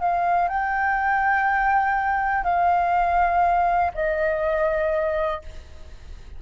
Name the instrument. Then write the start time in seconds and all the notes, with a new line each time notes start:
flute
0.00 F5
0.48 G5
2.44 F5
3.94 D#5